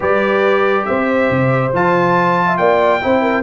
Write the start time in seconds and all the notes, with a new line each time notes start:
0.00 G3 G4 B4 D5
0.85 C4 C5 E5
1.30 C3
1.73 F3 F4 A5
2.46 E5
2.57 A#3 D5 G5
3.01 C4 E4 C5
3.22 A#4